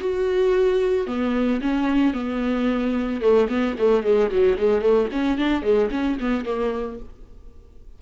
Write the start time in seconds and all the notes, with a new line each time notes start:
0.00 F#4
1.07 B3
1.61 C#4
2.14 B3
3.21 A3
3.49 B3
3.78 A3
4.03 G#3
4.30 F#3
4.57 G#3
4.81 A3
5.12 C#4
5.38 D4
5.62 G#3
5.91 C#4
6.20 B3
6.45 A#3